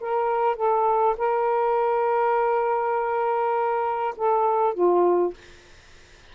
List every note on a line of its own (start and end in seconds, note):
0.00 0.56 A#4
0.56 1.16 A4
1.17 4.14 A#4
4.17 4.74 A4
4.74 5.33 F4